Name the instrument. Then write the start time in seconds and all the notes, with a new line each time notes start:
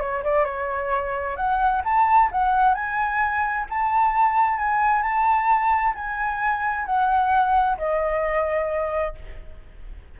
flute
0.00 C#5
0.24 D5
0.45 C#5
1.36 F#5
1.84 A5
2.32 F#5
2.75 G#5
3.70 A5
4.58 G#5
5.03 A5
5.95 G#5
6.86 F#5
7.78 D#5